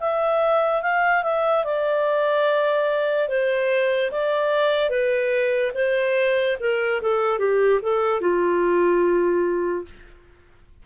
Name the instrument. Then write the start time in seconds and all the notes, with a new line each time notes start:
clarinet
0.00 E5
0.82 F5
1.23 E5
1.64 D5
3.28 C5
4.11 D5
4.89 B4
5.74 C5
6.60 A#4
7.01 A4
7.39 G4
7.82 A4
8.20 F4